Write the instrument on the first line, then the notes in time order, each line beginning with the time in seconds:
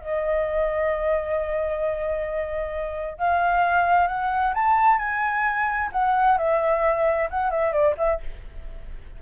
flute
0.00 D#5
3.18 F5
4.07 F#5
4.54 A5
4.98 G#5
5.92 F#5
6.37 E5
7.30 F#5
7.50 E5
7.72 D5
7.97 E5